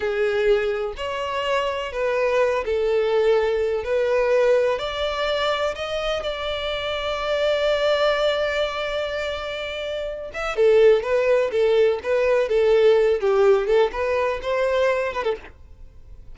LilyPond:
\new Staff \with { instrumentName = "violin" } { \time 4/4 \tempo 4 = 125 gis'2 cis''2 | b'4. a'2~ a'8 | b'2 d''2 | dis''4 d''2.~ |
d''1~ | d''4. e''8 a'4 b'4 | a'4 b'4 a'4. g'8~ | g'8 a'8 b'4 c''4. b'16 a'16 | }